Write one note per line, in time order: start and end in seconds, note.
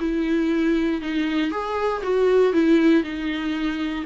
0.00 1.02 E4
1.02 1.51 D#4
1.51 2.02 G#4
2.03 2.53 F#4
2.53 3.04 E4
3.04 4.05 D#4